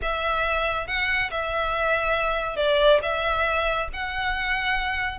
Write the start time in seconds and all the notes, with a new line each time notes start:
0.01 E5
0.87 F#5
1.31 E5
2.56 D5
3.02 E5
3.93 F#5